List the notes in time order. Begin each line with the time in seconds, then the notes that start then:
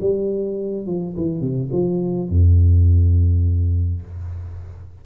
0.00 G3
0.86 F3
1.16 E3
1.40 C3
1.72 F3
2.29 F2